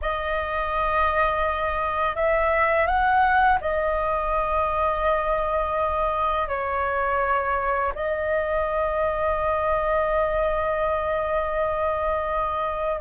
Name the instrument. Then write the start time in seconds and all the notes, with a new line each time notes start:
flute
0.01 D#5
2.15 E5
2.86 F#5
3.60 D#5
6.48 C#5
7.95 D#5